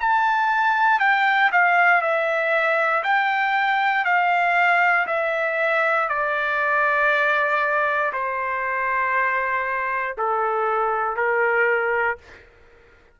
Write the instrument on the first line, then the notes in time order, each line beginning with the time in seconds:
trumpet
0.00 A5
0.99 G5
1.52 F5
2.02 E5
3.03 G5
4.04 F5
5.07 E5
6.09 D5
8.13 C5
10.17 A4
11.16 A#4